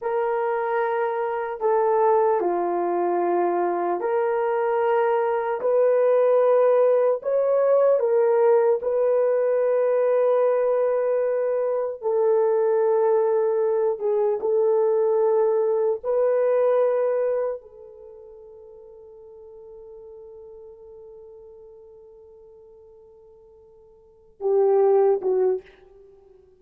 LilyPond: \new Staff \with { instrumentName = "horn" } { \time 4/4 \tempo 4 = 75 ais'2 a'4 f'4~ | f'4 ais'2 b'4~ | b'4 cis''4 ais'4 b'4~ | b'2. a'4~ |
a'4. gis'8 a'2 | b'2 a'2~ | a'1~ | a'2~ a'8 g'4 fis'8 | }